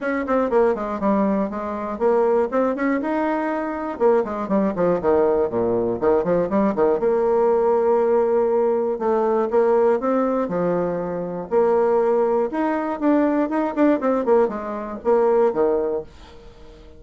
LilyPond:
\new Staff \with { instrumentName = "bassoon" } { \time 4/4 \tempo 4 = 120 cis'8 c'8 ais8 gis8 g4 gis4 | ais4 c'8 cis'8 dis'2 | ais8 gis8 g8 f8 dis4 ais,4 | dis8 f8 g8 dis8 ais2~ |
ais2 a4 ais4 | c'4 f2 ais4~ | ais4 dis'4 d'4 dis'8 d'8 | c'8 ais8 gis4 ais4 dis4 | }